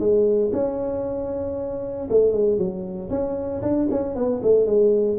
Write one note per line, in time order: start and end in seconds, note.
0.00 0.52 G#3
0.53 2.09 C#4
2.10 2.33 A3
2.33 2.58 G#3
2.58 3.10 F#3
3.10 3.62 C#4
3.62 3.88 D4
3.91 4.16 C#4
4.16 4.42 B3
4.43 4.66 A3
4.66 5.18 G#3